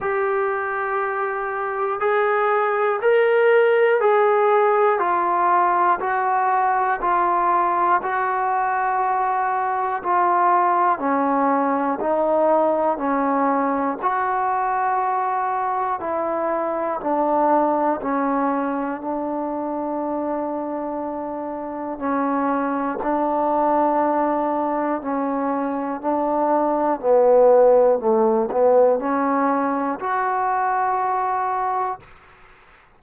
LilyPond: \new Staff \with { instrumentName = "trombone" } { \time 4/4 \tempo 4 = 60 g'2 gis'4 ais'4 | gis'4 f'4 fis'4 f'4 | fis'2 f'4 cis'4 | dis'4 cis'4 fis'2 |
e'4 d'4 cis'4 d'4~ | d'2 cis'4 d'4~ | d'4 cis'4 d'4 b4 | a8 b8 cis'4 fis'2 | }